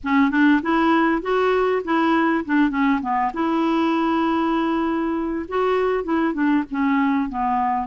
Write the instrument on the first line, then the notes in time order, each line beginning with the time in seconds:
clarinet
0.03 C#4
0.31 D4
0.62 E4
1.21 F#4
1.84 E4
2.45 D4
2.70 C#4
3.01 B3
3.33 E4
5.48 F#4
6.04 E4
6.33 D4
6.70 C#4
7.29 B3